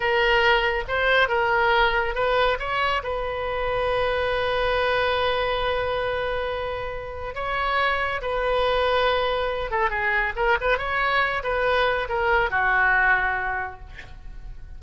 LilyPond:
\new Staff \with { instrumentName = "oboe" } { \time 4/4 \tempo 4 = 139 ais'2 c''4 ais'4~ | ais'4 b'4 cis''4 b'4~ | b'1~ | b'1~ |
b'4 cis''2 b'4~ | b'2~ b'8 a'8 gis'4 | ais'8 b'8 cis''4. b'4. | ais'4 fis'2. | }